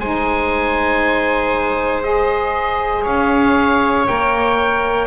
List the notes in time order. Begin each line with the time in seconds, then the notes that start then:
0.00 G#3 D#4 C5 G#5
2.03 G#4 D#5
3.04 C#4 C#5 F5
4.07 A#3 A#4 G5